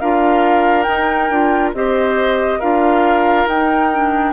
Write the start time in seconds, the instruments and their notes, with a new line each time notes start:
0.00 bassoon D4, clarinet F4, oboe A#4, flute F5
0.83 clarinet D#4, bassoon D#4, flute G5
1.30 bassoon D4, clarinet F4
1.74 bassoon C4, clarinet G4, oboe C5, flute D#5
2.59 bassoon D4, clarinet F4, oboe A#4, flute F5
3.46 bassoon D#4, clarinet D#4, flute G5
3.93 clarinet D4